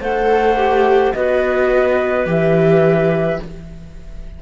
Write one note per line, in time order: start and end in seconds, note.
0.00 1.13 A3
0.00 0.57 A4
0.00 1.13 C5
0.00 1.13 F#5
0.57 1.13 G4
1.13 2.26 B3
1.13 2.26 F#4
1.13 3.42 B4
1.13 2.26 D#5
2.26 3.39 E3
2.26 3.39 G4
2.26 3.42 E5